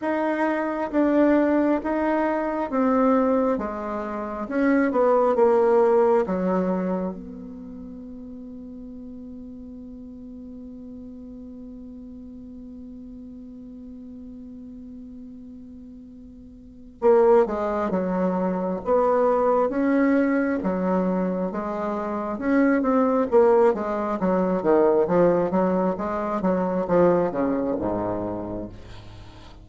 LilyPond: \new Staff \with { instrumentName = "bassoon" } { \time 4/4 \tempo 4 = 67 dis'4 d'4 dis'4 c'4 | gis4 cis'8 b8 ais4 fis4 | b1~ | b1~ |
b2. ais8 gis8 | fis4 b4 cis'4 fis4 | gis4 cis'8 c'8 ais8 gis8 fis8 dis8 | f8 fis8 gis8 fis8 f8 cis8 gis,4 | }